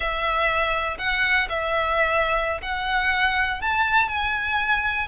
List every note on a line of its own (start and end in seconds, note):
0.00 0.97 E5
0.98 1.48 F#5
1.49 2.60 E5
2.61 3.61 F#5
3.61 4.08 A5
4.08 5.07 G#5